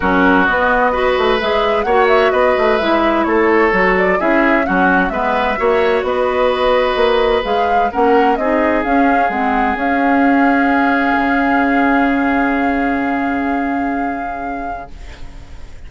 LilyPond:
<<
  \new Staff \with { instrumentName = "flute" } { \time 4/4 \tempo 4 = 129 ais'4 dis''2 e''4 | fis''8 e''8 dis''4 e''4 cis''4~ | cis''8 d''8 e''4 fis''4 e''4~ | e''4 dis''2. |
f''4 fis''4 dis''4 f''4 | fis''4 f''2.~ | f''1~ | f''1 | }
  \new Staff \with { instrumentName = "oboe" } { \time 4/4 fis'2 b'2 | cis''4 b'2 a'4~ | a'4 gis'4 fis'4 b'4 | cis''4 b'2.~ |
b'4 ais'4 gis'2~ | gis'1~ | gis'1~ | gis'1 | }
  \new Staff \with { instrumentName = "clarinet" } { \time 4/4 cis'4 b4 fis'4 gis'4 | fis'2 e'2 | fis'4 e'4 cis'4 b4 | fis'1 |
gis'4 cis'4 dis'4 cis'4 | c'4 cis'2.~ | cis'1~ | cis'1 | }
  \new Staff \with { instrumentName = "bassoon" } { \time 4/4 fis4 b4. a8 gis4 | ais4 b8 a8 gis4 a4 | fis4 cis'4 fis4 gis4 | ais4 b2 ais4 |
gis4 ais4 c'4 cis'4 | gis4 cis'2. | cis1~ | cis1 | }
>>